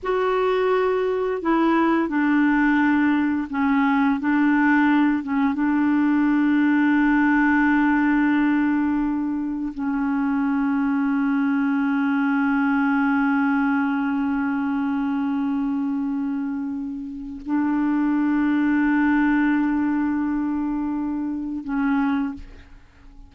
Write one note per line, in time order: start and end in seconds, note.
0.03 1.41 F#4
1.41 2.08 E4
2.08 3.48 D4
3.50 4.20 C#4
4.20 5.23 D4
5.23 5.54 C#4
5.54 9.72 D4
9.74 17.41 C#4
17.45 21.64 D4
21.64 22.34 C#4